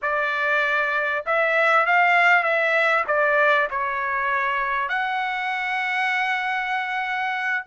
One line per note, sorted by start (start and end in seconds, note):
0.02 1.24 D5
1.26 1.86 E5
1.86 2.43 F5
2.43 3.04 E5
3.07 3.68 D5
3.70 4.88 C#5
4.88 7.64 F#5